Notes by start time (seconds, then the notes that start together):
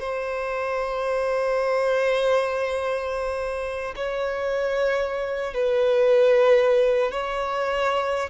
0.00 C5
3.96 C#5
5.54 B4
7.12 C#5